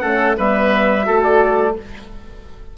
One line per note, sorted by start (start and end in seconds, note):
0.00 0.38 A3
0.00 0.37 C#4
0.00 0.37 A4
0.00 0.35 F#5
0.38 1.08 G3
0.38 1.04 B3
0.38 1.06 B4
0.38 1.24 E5
1.04 1.78 A3
1.04 1.74 F#4
1.04 1.76 A4
1.24 1.76 D5